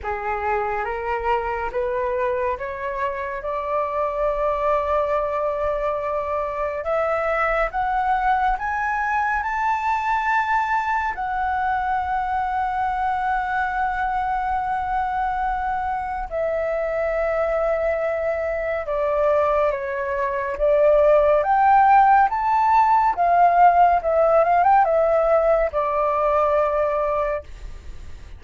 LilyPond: \new Staff \with { instrumentName = "flute" } { \time 4/4 \tempo 4 = 70 gis'4 ais'4 b'4 cis''4 | d''1 | e''4 fis''4 gis''4 a''4~ | a''4 fis''2.~ |
fis''2. e''4~ | e''2 d''4 cis''4 | d''4 g''4 a''4 f''4 | e''8 f''16 g''16 e''4 d''2 | }